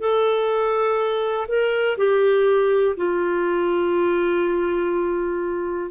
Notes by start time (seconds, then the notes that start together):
0.00 A4
1.48 A#4
1.98 G4
2.97 F4